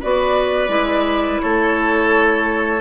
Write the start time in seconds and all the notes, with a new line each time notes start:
0.00 B3 F#4 B4 D5
0.67 G#3 E4
1.41 A3 A4 C#5